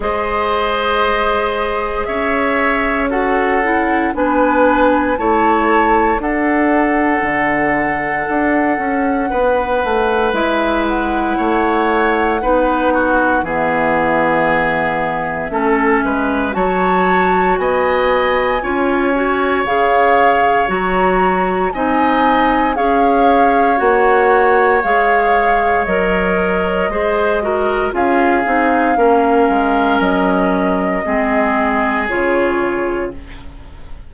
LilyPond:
<<
  \new Staff \with { instrumentName = "flute" } { \time 4/4 \tempo 4 = 58 dis''2 e''4 fis''4 | gis''4 a''4 fis''2~ | fis''2 e''8 fis''4.~ | fis''4 e''2. |
a''4 gis''2 f''4 | ais''4 gis''4 f''4 fis''4 | f''4 dis''2 f''4~ | f''4 dis''2 cis''4 | }
  \new Staff \with { instrumentName = "oboe" } { \time 4/4 c''2 cis''4 a'4 | b'4 cis''4 a'2~ | a'4 b'2 cis''4 | b'8 fis'8 gis'2 a'8 b'8 |
cis''4 dis''4 cis''2~ | cis''4 dis''4 cis''2~ | cis''2 c''8 ais'8 gis'4 | ais'2 gis'2 | }
  \new Staff \with { instrumentName = "clarinet" } { \time 4/4 gis'2. fis'8 e'8 | d'4 e'4 d'2~ | d'2 e'2 | dis'4 b2 cis'4 |
fis'2 f'8 fis'8 gis'4 | fis'4 dis'4 gis'4 fis'4 | gis'4 ais'4 gis'8 fis'8 f'8 dis'8 | cis'2 c'4 f'4 | }
  \new Staff \with { instrumentName = "bassoon" } { \time 4/4 gis2 cis'2 | b4 a4 d'4 d4 | d'8 cis'8 b8 a8 gis4 a4 | b4 e2 a8 gis8 |
fis4 b4 cis'4 cis4 | fis4 c'4 cis'4 ais4 | gis4 fis4 gis4 cis'8 c'8 | ais8 gis8 fis4 gis4 cis4 | }
>>